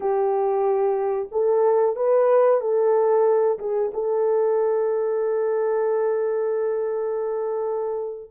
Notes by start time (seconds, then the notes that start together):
0.00 G4
1.31 A4
1.96 B4
2.60 A4
3.59 G#4
3.93 A4